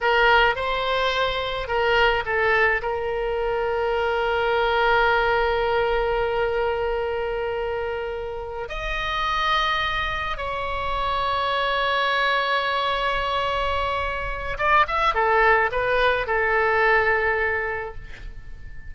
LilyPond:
\new Staff \with { instrumentName = "oboe" } { \time 4/4 \tempo 4 = 107 ais'4 c''2 ais'4 | a'4 ais'2.~ | ais'1~ | ais'2.~ ais'8 dis''8~ |
dis''2~ dis''8 cis''4.~ | cis''1~ | cis''2 d''8 e''8 a'4 | b'4 a'2. | }